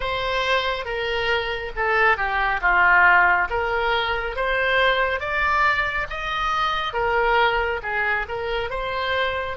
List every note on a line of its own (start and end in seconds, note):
0.00 0.85 C5
0.85 1.72 A#4
1.75 2.17 A4
2.17 2.60 G4
2.61 3.48 F4
3.49 4.36 A#4
4.36 5.20 C5
5.20 6.07 D5
6.10 6.93 D#5
6.93 7.80 A#4
7.83 8.26 G#4
8.28 8.70 A#4
8.70 9.57 C5